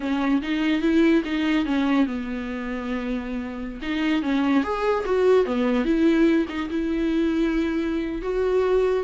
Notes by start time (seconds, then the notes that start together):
0.00 C#4
0.42 D#4
0.81 E4
1.25 D#4
1.65 C#4
2.06 B3
3.82 D#4
4.22 C#4
4.63 G#4
5.05 F#4
5.45 B3
5.84 E4
6.48 D#4
6.70 E4
8.22 F#4